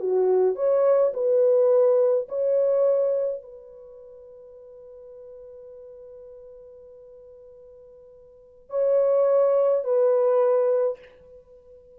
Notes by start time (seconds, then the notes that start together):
0.00 F#4
0.56 C#5
1.14 B4
2.29 C#5
3.42 B4
8.70 C#5
9.84 B4